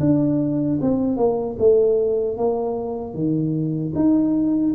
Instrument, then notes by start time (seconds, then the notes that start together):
tuba
0.00 D4
0.81 C4
1.17 A#3
1.59 A3
2.37 A#3
3.14 D#3
3.95 D#4